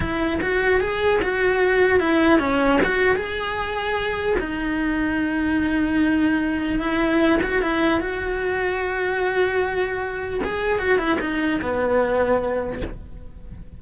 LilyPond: \new Staff \with { instrumentName = "cello" } { \time 4/4 \tempo 4 = 150 e'4 fis'4 gis'4 fis'4~ | fis'4 e'4 cis'4 fis'4 | gis'2. dis'4~ | dis'1~ |
dis'4 e'4. fis'8 e'4 | fis'1~ | fis'2 gis'4 fis'8 e'8 | dis'4 b2. | }